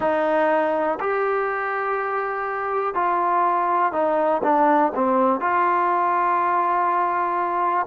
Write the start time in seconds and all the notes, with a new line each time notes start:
0.00 D#4
1.00 G4
2.94 F4
3.92 D#4
4.43 D4
4.94 C4
5.40 F4